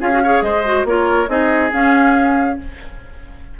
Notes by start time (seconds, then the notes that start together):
0.00 C#4 F4 G#4 F5
0.11 F#4
0.23 G#4 C#5
0.41 G#3 C5 D#5
0.65 F#4
0.84 A#3 F4 A#4 C#5
1.27 C4 D#4 G#4 D#5
1.72 C#4 F5